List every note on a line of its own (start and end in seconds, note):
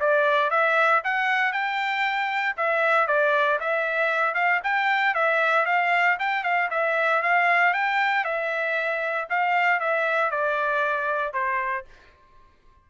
0.00 0.50 D5
0.50 1.02 E5
1.04 1.53 F#5
1.53 2.56 G5
2.57 3.07 E5
3.07 3.59 D5
3.60 4.34 E5
4.34 4.60 F5
4.64 5.14 G5
5.14 5.66 E5
5.66 6.17 F5
6.19 6.43 G5
6.43 6.69 F5
6.71 7.22 E5
7.22 7.74 F5
7.74 8.25 G5
8.25 9.28 E5
9.30 9.80 F5
9.80 10.31 E5
10.31 11.33 D5
11.33 11.85 C5